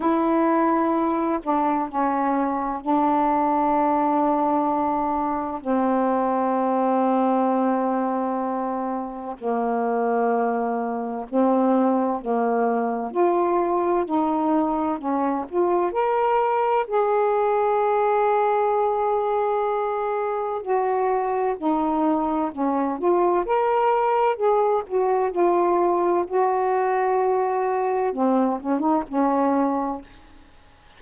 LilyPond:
\new Staff \with { instrumentName = "saxophone" } { \time 4/4 \tempo 4 = 64 e'4. d'8 cis'4 d'4~ | d'2 c'2~ | c'2 ais2 | c'4 ais4 f'4 dis'4 |
cis'8 f'8 ais'4 gis'2~ | gis'2 fis'4 dis'4 | cis'8 f'8 ais'4 gis'8 fis'8 f'4 | fis'2 c'8 cis'16 dis'16 cis'4 | }